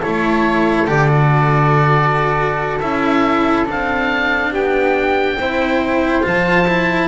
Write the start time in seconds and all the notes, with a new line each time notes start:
0.00 E4 A4 C#5
0.06 A3
0.87 D3 G4 D5
1.09 F#4
2.80 C#4 E4 E5
3.66 C4 D4 F5
4.51 B3 G4 G5
5.36 C4 E4 C5
6.23 F3 F4 A5
6.68 E4